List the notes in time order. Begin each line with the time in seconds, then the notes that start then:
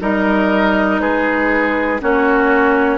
0.00 G3 D#4 A#4 D#5
1.00 G#3 G#4 B4
2.01 A#3 C#4 F#4 C#5